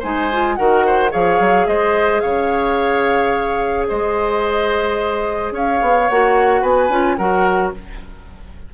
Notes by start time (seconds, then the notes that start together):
0.00 G#3 D#4 C5 G#5
0.33 F4
0.56 D#3 F#4 A#4 F#5
0.87 C5
1.10 F3 G#4 C#5 F5
1.40 F#3
1.68 G#3 C5 D#5
2.21 C#3 C#5 F5
3.88 G#3 C5 D#5
5.52 C#4 C#5 F5
5.82 B3
6.09 A#3 F#4 F#5
6.62 B3 B4 G#5
6.90 C#4 F4
7.17 F#3 F#4 A#4 F#5